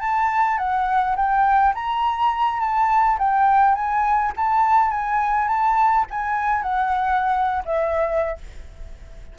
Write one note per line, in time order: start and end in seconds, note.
0.00 0.58 A5
0.58 1.15 F#5
1.16 1.74 G5
1.74 2.60 A#5
2.60 3.18 A5
3.19 3.75 G5
3.75 4.32 G#5
4.36 4.90 A5
4.90 5.48 G#5
5.48 6.06 A5
6.10 6.62 G#5
6.62 7.63 F#5
7.65 8.38 E5